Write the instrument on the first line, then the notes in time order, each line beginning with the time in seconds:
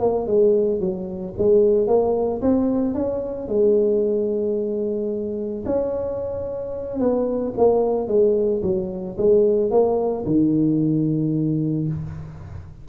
tuba
0.00 A#3
0.27 G#3
0.80 F#3
1.38 G#3
1.87 A#3
2.42 C4
2.95 C#4
3.48 G#3
5.66 C#4
7.00 B3
7.57 A#3
8.08 G#3
8.63 F#3
9.18 G#3
9.71 A#3
10.26 D#3